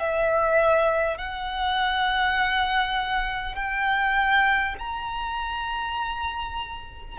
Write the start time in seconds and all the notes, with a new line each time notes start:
0.00 E5
1.18 F#5
3.56 G5
4.79 A#5